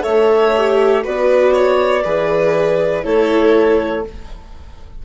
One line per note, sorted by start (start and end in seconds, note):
0.00 1.05 A3
0.00 0.50 A4
0.00 1.03 C#5
0.00 1.02 E5
0.56 1.04 G4
1.04 2.05 B3
1.04 2.04 F#4
1.04 1.53 B4
1.04 3.04 D5
1.53 2.03 C#5
2.04 3.05 E3
2.04 3.03 G#4
2.04 3.04 B4
3.03 4.05 A3
3.03 4.03 E4
3.03 4.04 A4
3.03 4.04 C#5